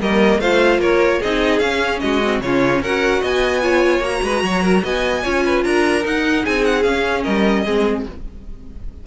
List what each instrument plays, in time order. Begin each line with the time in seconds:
0.00 cello G3, viola A#3, violin A#4 D#5
0.39 cello A3, viola F4, violin C5 F5
0.79 cello A#3, violin A#4 C#5
1.20 cello C4, viola D#4, violin G#4 D#5
1.59 cello C#4, viola C#4, violin F5
2.00 cello G#3, violin F#4 D#5
2.24 viola C4
2.41 cello C#3, viola C#4, violin F4 C#5
2.82 cello C#4, viola F#4, violin A#4 F#5
3.22 cello B3, violin D#5 G#5
3.62 viola F4, violin C#5
4.00 cello A#3, viola F#4, violin A#5
4.23 cello G#3, violin B4
4.43 cello F#3, violin C#5
4.63 violin A#4
4.84 cello B3, violin D#5 G#5
5.24 cello C#4, viola F4, violin C#5
5.45 violin B4
5.64 cello D4, violin A#4 A#5
6.02 viola D#4, cello D#4, violin F#5
6.43 cello C4, violin G#4 G#5
6.65 violin F#5
6.83 cello C#4, viola C#4, violin F5
7.24 cello G3, violin A#4 D#5
7.66 cello G#3, viola C4, violin G#4